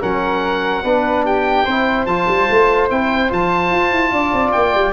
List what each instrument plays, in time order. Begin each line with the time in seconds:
0.00 tuba F#3, trombone C#4, flute A#4, oboe F#5
0.83 tuba B3, trombone D4, flute B4
1.25 flute G4, oboe G5
1.64 tuba C4, trombone E4, flute C5
2.05 tuba F3, trombone F4, oboe A5
2.27 tuba G3
2.50 tuba A3
2.90 tuba C4, trombone E4, oboe G5
3.29 tuba F3, trombone F4, oboe A5
3.71 tuba F4
3.91 tuba E4
4.11 tuba D4, flute D5
4.33 tuba C4
4.51 tuba A#3, oboe G5
4.74 tuba G3